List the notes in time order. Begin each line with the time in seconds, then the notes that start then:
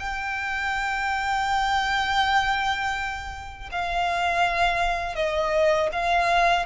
0.00 G5
3.72 F5
5.16 D#5
5.93 F5